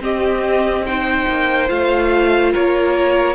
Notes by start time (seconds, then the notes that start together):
0.00 C4 G4 D#5
0.86 D#4 C5 G5
1.28 A#3
1.68 A3 F4 F5
2.52 A#3 A#4 C#5